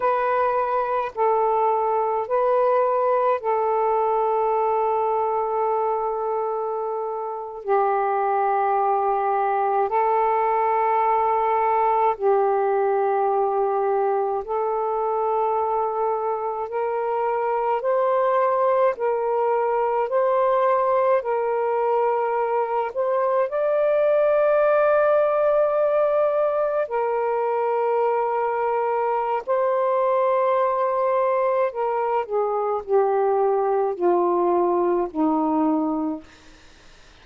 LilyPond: \new Staff \with { instrumentName = "saxophone" } { \time 4/4 \tempo 4 = 53 b'4 a'4 b'4 a'4~ | a'2~ a'8. g'4~ g'16~ | g'8. a'2 g'4~ g'16~ | g'8. a'2 ais'4 c''16~ |
c''8. ais'4 c''4 ais'4~ ais'16~ | ais'16 c''8 d''2. ais'16~ | ais'2 c''2 | ais'8 gis'8 g'4 f'4 dis'4 | }